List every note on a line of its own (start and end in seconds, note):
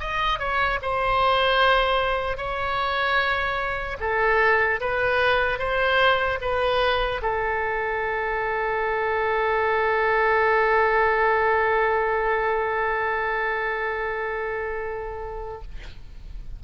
0.00 0.39 D#5
0.39 0.79 C#5
0.82 2.37 C5
2.37 3.97 C#5
4.00 4.80 A4
4.80 5.59 B4
5.59 6.39 C5
6.41 7.21 B4
7.22 15.62 A4